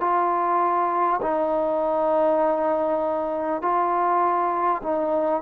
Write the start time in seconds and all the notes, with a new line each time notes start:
0.00 F4
1.22 D#4
3.62 F4
4.83 D#4